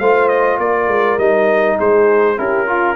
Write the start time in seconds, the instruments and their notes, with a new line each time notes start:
0.00 tuba A3, trombone F4, horn C5, trumpet F5
0.29 trumpet D#5
0.59 tuba A#3, horn A#4, trumpet D5
0.88 tuba G#3
1.18 tuba G3, trombone D#4, trumpet D#5
1.78 tuba G#3, horn G#4, trumpet C5
2.37 tuba C#4, trombone E4, horn G4, trumpet A#4
2.67 horn F4, trombone F4